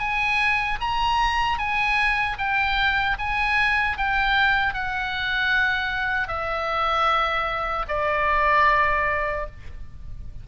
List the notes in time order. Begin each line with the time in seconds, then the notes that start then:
0.00 G#5
0.81 A#5
1.59 G#5
2.39 G5
3.19 G#5
3.98 G5
4.74 F#5
6.28 E5
7.88 D5